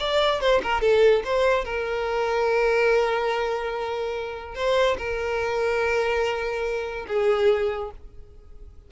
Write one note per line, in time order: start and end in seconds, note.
0.00 0.41 D5
0.41 0.62 C5
0.63 0.81 A#4
0.81 1.23 A4
1.25 1.65 C5
1.65 4.55 A#4
4.55 4.97 C5
4.98 7.06 A#4
7.08 7.91 G#4